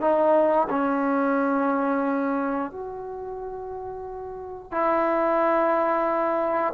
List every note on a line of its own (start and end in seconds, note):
0.00 0.67 D#4
0.69 2.71 C#4
2.71 4.71 F#4
4.71 6.73 E4